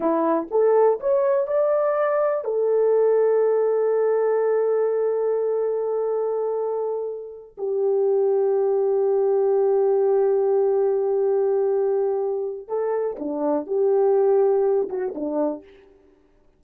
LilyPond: \new Staff \with { instrumentName = "horn" } { \time 4/4 \tempo 4 = 123 e'4 a'4 cis''4 d''4~ | d''4 a'2.~ | a'1~ | a'2.~ a'8 g'8~ |
g'1~ | g'1~ | g'2 a'4 d'4 | g'2~ g'8 fis'8 d'4 | }